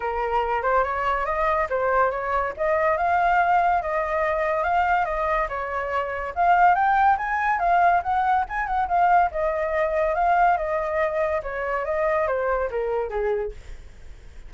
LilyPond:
\new Staff \with { instrumentName = "flute" } { \time 4/4 \tempo 4 = 142 ais'4. c''8 cis''4 dis''4 | c''4 cis''4 dis''4 f''4~ | f''4 dis''2 f''4 | dis''4 cis''2 f''4 |
g''4 gis''4 f''4 fis''4 | gis''8 fis''8 f''4 dis''2 | f''4 dis''2 cis''4 | dis''4 c''4 ais'4 gis'4 | }